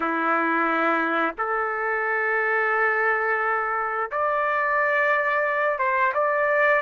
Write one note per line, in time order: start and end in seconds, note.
0.00 1.35 E4
1.38 4.10 A4
4.11 5.78 D5
5.78 6.12 C5
6.14 6.82 D5